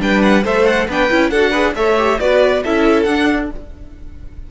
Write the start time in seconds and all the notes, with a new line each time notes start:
0.00 G3 D4 B4 G5
0.22 F#5
0.44 A3 A4 C5 E5
0.66 F#5
0.89 B3 D4 B4 G5
1.10 C#4 E4
1.30 D4 A4 F#5
1.36 F#4
1.51 G#4 B4
1.75 A3 A4 C#5 E5
1.98 G4
2.20 B3 F#4 B4 D5
2.64 C#4 E4 A4 E5
3.03 D4 F#5